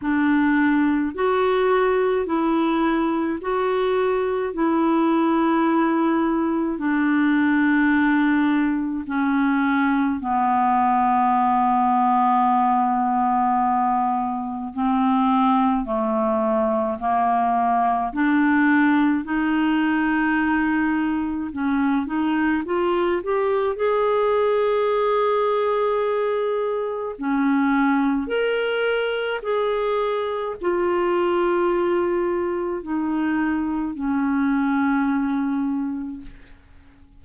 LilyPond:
\new Staff \with { instrumentName = "clarinet" } { \time 4/4 \tempo 4 = 53 d'4 fis'4 e'4 fis'4 | e'2 d'2 | cis'4 b2.~ | b4 c'4 a4 ais4 |
d'4 dis'2 cis'8 dis'8 | f'8 g'8 gis'2. | cis'4 ais'4 gis'4 f'4~ | f'4 dis'4 cis'2 | }